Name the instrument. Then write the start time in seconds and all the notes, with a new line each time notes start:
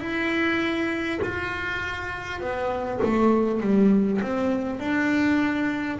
double bass
0.00 E4
1.22 F4
2.41 B3
3.03 A3
3.61 G3
4.22 C4
4.79 D4